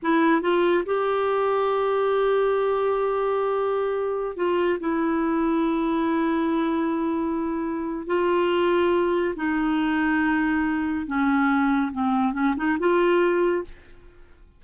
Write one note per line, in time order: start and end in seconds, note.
0.02 0.41 E4
0.41 0.84 F4
0.85 4.36 G4
4.36 4.78 F4
4.79 8.06 E4
8.06 9.34 F4
9.36 11.06 D#4
11.06 11.91 C#4
11.92 12.33 C4
12.33 12.54 C#4
12.56 12.78 D#4
12.79 13.64 F4